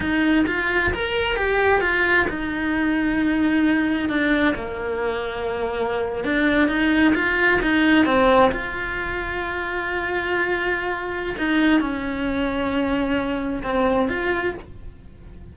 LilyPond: \new Staff \with { instrumentName = "cello" } { \time 4/4 \tempo 4 = 132 dis'4 f'4 ais'4 g'4 | f'4 dis'2.~ | dis'4 d'4 ais2~ | ais4.~ ais16 d'4 dis'4 f'16~ |
f'8. dis'4 c'4 f'4~ f'16~ | f'1~ | f'4 dis'4 cis'2~ | cis'2 c'4 f'4 | }